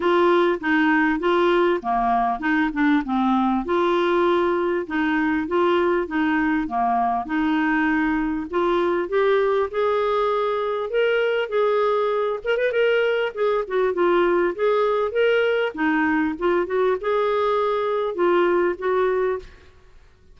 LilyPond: \new Staff \with { instrumentName = "clarinet" } { \time 4/4 \tempo 4 = 99 f'4 dis'4 f'4 ais4 | dis'8 d'8 c'4 f'2 | dis'4 f'4 dis'4 ais4 | dis'2 f'4 g'4 |
gis'2 ais'4 gis'4~ | gis'8 ais'16 b'16 ais'4 gis'8 fis'8 f'4 | gis'4 ais'4 dis'4 f'8 fis'8 | gis'2 f'4 fis'4 | }